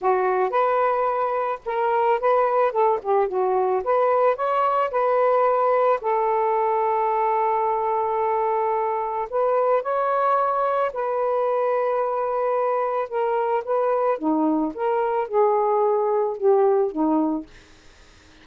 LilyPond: \new Staff \with { instrumentName = "saxophone" } { \time 4/4 \tempo 4 = 110 fis'4 b'2 ais'4 | b'4 a'8 g'8 fis'4 b'4 | cis''4 b'2 a'4~ | a'1~ |
a'4 b'4 cis''2 | b'1 | ais'4 b'4 dis'4 ais'4 | gis'2 g'4 dis'4 | }